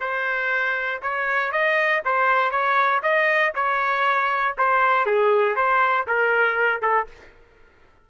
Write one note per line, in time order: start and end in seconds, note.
0.00 1.01 C5
1.02 1.52 C#5
1.52 2.02 D#5
2.05 2.50 C5
2.50 3.01 C#5
3.02 3.53 D#5
3.55 4.56 C#5
4.57 5.06 C5
5.06 5.55 G#4
5.55 6.06 C5
6.07 6.82 A#4
6.82 7.07 A4